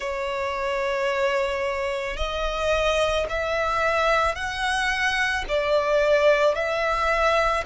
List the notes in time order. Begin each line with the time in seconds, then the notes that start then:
0.00 C#5
2.17 D#5
3.29 E5
4.35 F#5
5.48 D5
6.55 E5